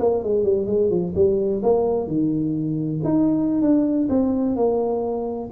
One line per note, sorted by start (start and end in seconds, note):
0.00 0.23 A#3
0.23 0.44 G#3
0.44 0.67 G3
0.67 0.90 G#3
0.90 1.14 F3
1.15 1.62 G3
1.63 2.07 A#3
2.07 3.01 D#3
3.04 3.62 D#4
3.62 4.09 D4
4.09 4.56 C4
4.56 5.50 A#3